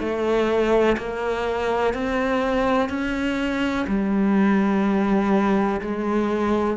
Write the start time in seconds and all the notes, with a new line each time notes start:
0.00 A3
0.98 A#3
1.94 C4
2.90 C#4
3.88 G3
5.82 G#3